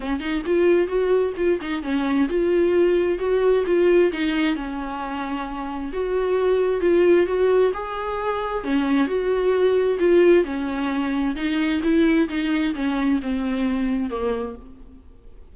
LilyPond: \new Staff \with { instrumentName = "viola" } { \time 4/4 \tempo 4 = 132 cis'8 dis'8 f'4 fis'4 f'8 dis'8 | cis'4 f'2 fis'4 | f'4 dis'4 cis'2~ | cis'4 fis'2 f'4 |
fis'4 gis'2 cis'4 | fis'2 f'4 cis'4~ | cis'4 dis'4 e'4 dis'4 | cis'4 c'2 ais4 | }